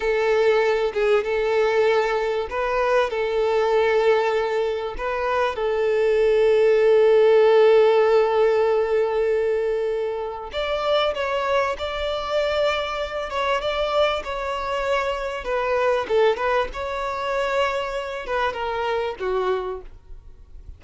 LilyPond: \new Staff \with { instrumentName = "violin" } { \time 4/4 \tempo 4 = 97 a'4. gis'8 a'2 | b'4 a'2. | b'4 a'2.~ | a'1~ |
a'4 d''4 cis''4 d''4~ | d''4. cis''8 d''4 cis''4~ | cis''4 b'4 a'8 b'8 cis''4~ | cis''4. b'8 ais'4 fis'4 | }